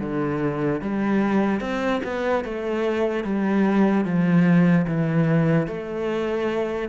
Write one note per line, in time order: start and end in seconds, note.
0.00 0.81 D3
0.81 1.60 G3
1.60 2.01 C4
2.03 2.44 B3
2.44 3.24 A3
3.24 4.05 G3
4.05 4.86 F3
4.87 5.67 E3
5.67 6.89 A3